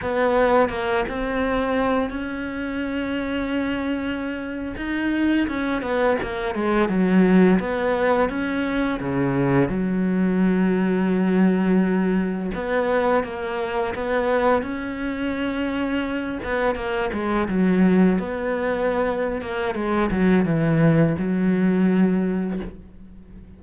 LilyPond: \new Staff \with { instrumentName = "cello" } { \time 4/4 \tempo 4 = 85 b4 ais8 c'4. cis'4~ | cis'2~ cis'8. dis'4 cis'16~ | cis'16 b8 ais8 gis8 fis4 b4 cis'16~ | cis'8. cis4 fis2~ fis16~ |
fis4.~ fis16 b4 ais4 b16~ | b8. cis'2~ cis'8 b8 ais16~ | ais16 gis8 fis4 b4.~ b16 ais8 | gis8 fis8 e4 fis2 | }